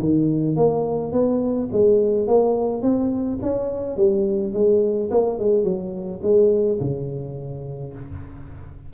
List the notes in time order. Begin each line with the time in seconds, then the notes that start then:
0.00 D#3
0.57 A#3
1.12 B3
1.73 G#3
2.27 A#3
2.82 C4
3.42 C#4
3.97 G3
4.54 G#3
5.11 A#3
5.40 G#3
5.64 F#3
6.23 G#3
6.80 C#3